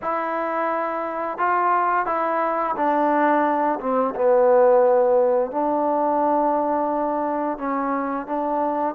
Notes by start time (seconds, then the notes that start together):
0.02 E4
1.38 F4
2.06 E4
2.76 D4
3.79 C4
4.15 B3
5.51 D4
7.57 C#4
8.26 D4